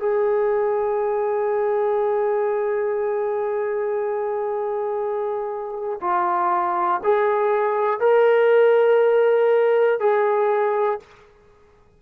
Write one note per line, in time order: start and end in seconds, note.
0.00 6.00 G#4
6.01 7.01 F4
7.04 8.00 G#4
8.00 10.00 A#4
10.00 11.00 G#4